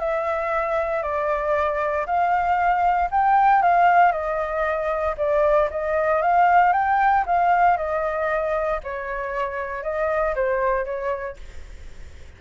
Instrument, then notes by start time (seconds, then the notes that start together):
flute
0.00 E5
1.03 D5
2.07 F5
3.12 G5
3.63 F5
4.12 D#5
5.18 D5
5.71 D#5
6.22 F5
6.73 G5
7.27 F5
7.77 D#5
8.84 C#5
9.83 D#5
10.36 C5
10.86 C#5